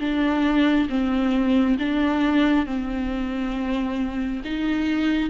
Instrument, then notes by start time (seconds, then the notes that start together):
viola
0.00 D4
0.89 C4
1.79 D4
2.66 C4
4.45 D#4